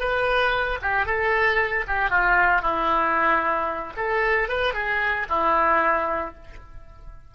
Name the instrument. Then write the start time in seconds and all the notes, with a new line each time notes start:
oboe
0.00 B4
0.82 G4
1.06 A4
1.88 G4
2.10 F4
2.62 E4
3.97 A4
4.49 B4
4.74 G#4
5.30 E4